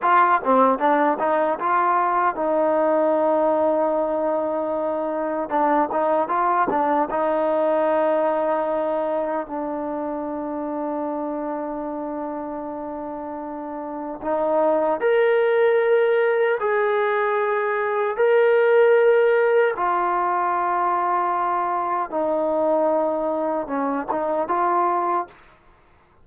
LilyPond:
\new Staff \with { instrumentName = "trombone" } { \time 4/4 \tempo 4 = 76 f'8 c'8 d'8 dis'8 f'4 dis'4~ | dis'2. d'8 dis'8 | f'8 d'8 dis'2. | d'1~ |
d'2 dis'4 ais'4~ | ais'4 gis'2 ais'4~ | ais'4 f'2. | dis'2 cis'8 dis'8 f'4 | }